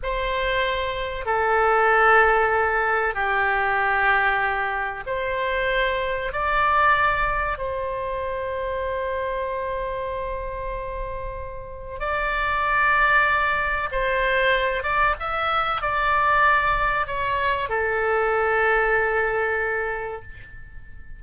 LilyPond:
\new Staff \with { instrumentName = "oboe" } { \time 4/4 \tempo 4 = 95 c''2 a'2~ | a'4 g'2. | c''2 d''2 | c''1~ |
c''2. d''4~ | d''2 c''4. d''8 | e''4 d''2 cis''4 | a'1 | }